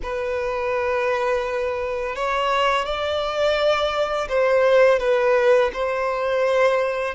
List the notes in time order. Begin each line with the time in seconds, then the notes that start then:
0.03 B4
2.15 C#5
2.85 D5
4.29 C5
4.99 B4
5.73 C5